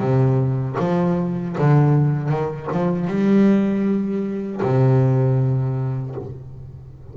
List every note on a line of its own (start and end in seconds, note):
0.00 0.77 C3
0.79 1.56 F3
1.58 2.29 D3
2.29 2.68 D#3
2.72 3.08 F3
3.08 4.61 G3
4.62 6.16 C3